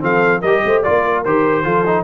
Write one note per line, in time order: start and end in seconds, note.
0.00 0.42 F3
0.00 0.41 C4
0.00 0.41 A4
0.00 0.41 F5
0.41 0.63 G3
0.41 0.84 G4
0.41 0.61 A#4
0.41 0.82 D#5
0.65 0.85 A3
0.65 0.82 C5
0.82 1.24 A#3
0.82 1.24 F4
0.82 1.02 D5
0.82 1.23 D5
1.04 1.64 A#4
1.24 1.65 D#3
1.24 1.64 G4
1.24 2.03 C5
1.64 2.03 F3
1.64 1.84 F4
1.64 2.03 A4
1.86 2.03 D#4